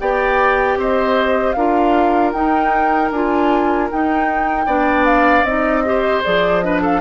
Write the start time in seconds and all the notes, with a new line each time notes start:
0.00 B3 G4 D5 G5
0.76 C4 C5 D#5
1.53 D4 F4 A#4 F5
2.32 D#4 G5
3.11 D4 F4 G#5
3.90 D#4 G5
4.66 B3 D4 D5
5.05 F5
5.43 C4 D#4 D#5
5.85 G4 C5
6.24 F3 G#4 D5
6.61 D4 B4 D#5
6.82 A4 F5